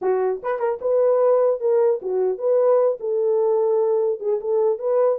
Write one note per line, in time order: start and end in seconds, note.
0.01 0.41 F#4
0.43 0.59 B4
0.59 0.79 A#4
0.81 1.60 B4
1.60 2.00 A#4
2.02 2.38 F#4
2.38 2.98 B4
3.00 4.19 A4
4.19 4.39 G#4
4.40 4.78 A4
4.78 5.18 B4